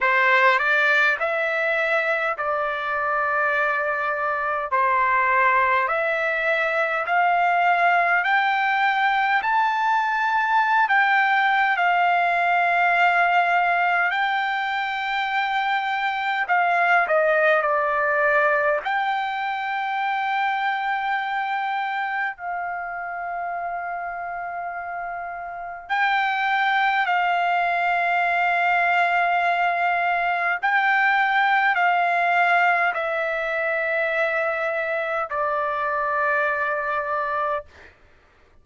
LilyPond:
\new Staff \with { instrumentName = "trumpet" } { \time 4/4 \tempo 4 = 51 c''8 d''8 e''4 d''2 | c''4 e''4 f''4 g''4 | a''4~ a''16 g''8. f''2 | g''2 f''8 dis''8 d''4 |
g''2. f''4~ | f''2 g''4 f''4~ | f''2 g''4 f''4 | e''2 d''2 | }